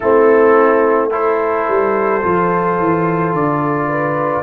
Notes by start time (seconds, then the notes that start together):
0.00 A3 C4 E4 A4
1.10 E4 A4 C5
1.67 G3
2.22 F3 F4
2.79 E3
3.33 D3 D5
3.88 B4